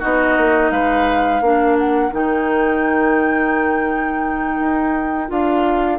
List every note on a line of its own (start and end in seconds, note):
0.00 0.37 B3
0.00 1.41 D#4
0.00 0.71 F#4
0.00 0.71 D#5
0.37 0.71 A#3
0.71 1.41 G#3
0.71 1.43 B4
0.71 1.77 F5
1.41 2.12 A#3
1.41 2.12 D4
1.41 5.99 A#4
1.78 2.13 F#5
2.12 4.59 D#3
2.12 5.28 D#4
2.12 5.31 G5
4.59 5.30 D#4
5.28 5.99 D4
5.28 5.98 F4
5.28 5.99 F5